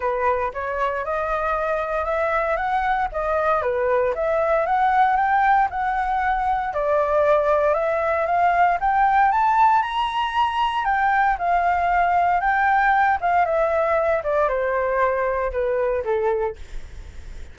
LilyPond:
\new Staff \with { instrumentName = "flute" } { \time 4/4 \tempo 4 = 116 b'4 cis''4 dis''2 | e''4 fis''4 dis''4 b'4 | e''4 fis''4 g''4 fis''4~ | fis''4 d''2 e''4 |
f''4 g''4 a''4 ais''4~ | ais''4 g''4 f''2 | g''4. f''8 e''4. d''8 | c''2 b'4 a'4 | }